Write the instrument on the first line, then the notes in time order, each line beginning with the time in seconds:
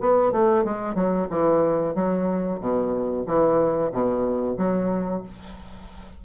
bassoon
0.00 B3
0.32 A3
0.64 G#3
0.95 F#3
1.30 E3
1.95 F#3
2.60 B2
3.26 E3
3.92 B2
4.58 F#3